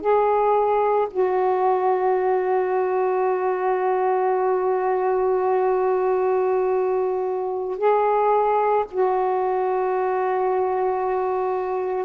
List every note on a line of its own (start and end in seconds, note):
0.00 1.07 G#4
1.10 7.77 F#4
7.77 8.84 G#4
8.91 12.05 F#4